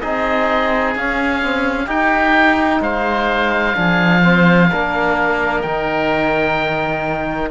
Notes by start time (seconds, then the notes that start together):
0.00 C4 D#4 G#4 D#5
0.95 C#4 F5
1.42 C4
1.86 D#4 G4 G5
2.80 G#3 C5 F5
3.74 F3 D4 G#4
4.22 C4 C5
4.70 A#3 D4 A#4
5.61 D#3 D#4 G5